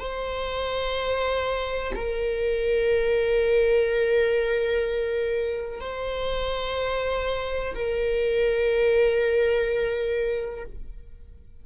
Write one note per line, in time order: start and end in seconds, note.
0.00 1.94 C5
1.96 5.81 A#4
5.81 7.75 C5
7.75 10.65 A#4